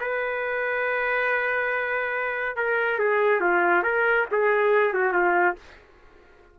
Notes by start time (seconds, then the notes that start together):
0.00 B4
2.56 A#4
2.99 G#4
3.40 F4
3.83 A#4
4.31 G#4
4.93 F#4
5.13 F4